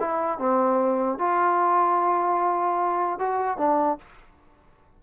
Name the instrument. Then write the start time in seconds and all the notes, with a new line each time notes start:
trombone
0.00 E4
0.39 C4
1.19 F4
3.19 F#4
3.58 D4